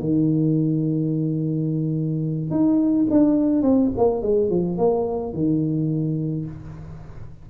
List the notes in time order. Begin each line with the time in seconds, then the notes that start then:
0.00 D#3
2.51 D#4
3.10 D4
3.63 C4
3.98 A#3
4.22 G#3
4.50 F3
4.78 A#3
5.34 D#3